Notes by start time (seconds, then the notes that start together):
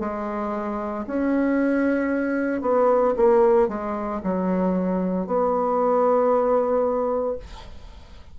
0.00 G#3
1.07 C#4
2.61 B3
3.17 A#3
3.68 G#3
4.23 F#3
5.27 B3